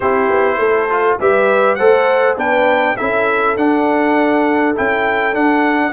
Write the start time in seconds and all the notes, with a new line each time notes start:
0.00 C4 E4 G4 C5
0.29 B3
0.58 A3 A4
0.89 F4
1.19 G3 G4 B4 E5
1.75 A3 A4 C5 F#5
2.36 B3 D4 B4 G5
2.96 C#4 E4 A4 E5
3.56 D4 F#5
4.75 C#4 E4 G5
5.33 D4 F#5